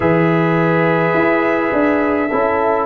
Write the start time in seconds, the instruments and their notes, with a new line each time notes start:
0.00 tuba E3, trombone G#4, horn B4, trumpet E5
1.14 tuba E4
1.72 tuba D4
2.29 tuba C#4, trombone E4, horn A4